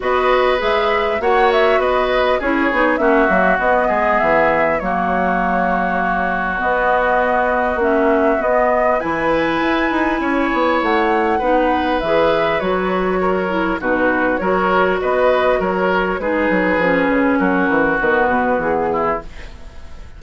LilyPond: <<
  \new Staff \with { instrumentName = "flute" } { \time 4/4 \tempo 4 = 100 dis''4 e''4 fis''8 e''8 dis''4 | cis''4 e''4 dis''4 e''4 | cis''2. dis''4~ | dis''4 e''4 dis''4 gis''4~ |
gis''2 fis''2 | e''4 cis''2 b'4 | cis''4 dis''4 cis''4 b'4~ | b'4 ais'4 b'4 gis'4 | }
  \new Staff \with { instrumentName = "oboe" } { \time 4/4 b'2 cis''4 b'4 | gis'4 fis'4. gis'4. | fis'1~ | fis'2. b'4~ |
b'4 cis''2 b'4~ | b'2 ais'4 fis'4 | ais'4 b'4 ais'4 gis'4~ | gis'4 fis'2~ fis'8 e'8 | }
  \new Staff \with { instrumentName = "clarinet" } { \time 4/4 fis'4 gis'4 fis'2 | e'8 dis'8 cis'8 ais8 b2 | ais2. b4~ | b4 cis'4 b4 e'4~ |
e'2. dis'4 | gis'4 fis'4. e'8 dis'4 | fis'2. dis'4 | cis'2 b2 | }
  \new Staff \with { instrumentName = "bassoon" } { \time 4/4 b4 gis4 ais4 b4 | cis'8 b8 ais8 fis8 b8 gis8 e4 | fis2. b4~ | b4 ais4 b4 e4 |
e'8 dis'8 cis'8 b8 a4 b4 | e4 fis2 b,4 | fis4 b4 fis4 gis8 fis8 | f8 cis8 fis8 e8 dis8 b,8 e4 | }
>>